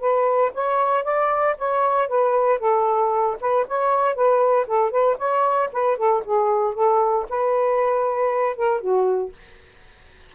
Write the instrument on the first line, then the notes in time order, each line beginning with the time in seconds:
saxophone
0.00 B4
0.54 C#5
1.04 D5
1.58 C#5
2.08 B4
2.59 A4
3.41 B4
3.67 C#5
4.15 B4
4.67 A4
4.91 B4
5.18 C#5
5.72 B4
5.97 A4
6.25 G#4
6.74 A4
7.29 B4
8.56 A#4
8.81 F#4